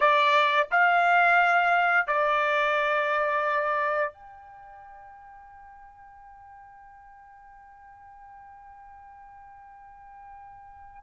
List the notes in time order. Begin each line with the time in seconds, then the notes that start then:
0.00 D5
0.71 F5
2.07 D5
4.13 G5